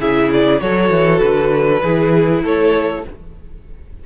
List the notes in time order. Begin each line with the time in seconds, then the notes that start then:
0.00 C#3 E4 G#4 E5
0.32 D5
0.60 F#3 F#4 A4 C#5
0.90 E3
1.20 D3 B4
1.82 E3 E4 G#4
2.43 A3 A4 C#5